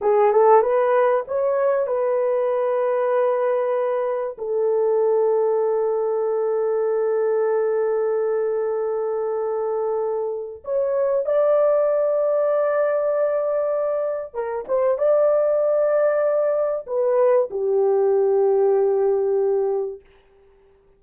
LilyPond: \new Staff \with { instrumentName = "horn" } { \time 4/4 \tempo 4 = 96 gis'8 a'8 b'4 cis''4 b'4~ | b'2. a'4~ | a'1~ | a'1~ |
a'4 cis''4 d''2~ | d''2. ais'8 c''8 | d''2. b'4 | g'1 | }